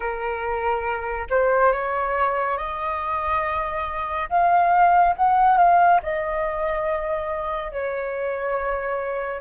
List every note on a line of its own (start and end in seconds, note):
0.00 1.27 A#4
1.30 1.72 C5
1.72 2.57 C#5
2.57 4.29 D#5
4.29 5.15 F5
5.15 5.57 F#5
5.57 6.00 F5
6.02 7.71 D#5
7.71 9.40 C#5